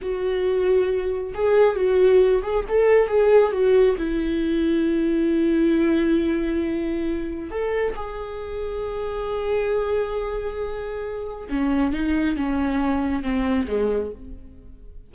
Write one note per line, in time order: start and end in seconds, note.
0.01 1.33 F#4
1.34 1.75 G#4
1.75 2.42 F#4
2.42 2.64 G#4
2.68 3.07 A4
3.07 3.52 G#4
3.52 3.96 F#4
3.97 7.50 E4
7.50 7.95 A4
7.95 11.48 G#4
11.49 11.92 C#4
11.92 12.36 D#4
12.36 13.22 C#4
13.22 13.67 C4
13.67 14.11 G#3